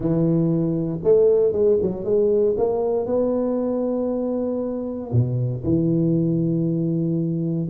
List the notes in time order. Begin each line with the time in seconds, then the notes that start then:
0.00 E3
1.03 A3
1.52 G#3
1.81 F#3
2.04 G#3
2.57 A#3
3.06 B3
5.11 B2
5.63 E3